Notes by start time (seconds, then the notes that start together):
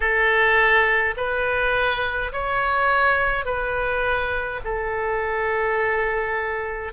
0.00 A4
1.16 B4
2.32 C#5
3.45 B4
4.64 A4